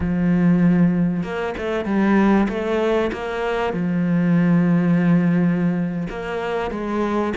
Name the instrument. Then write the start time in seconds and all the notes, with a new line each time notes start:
cello
0.00 F3
1.23 A#3
1.57 A3
1.85 G3
2.48 A3
3.12 A#3
3.73 F3
6.09 A#3
6.70 G#3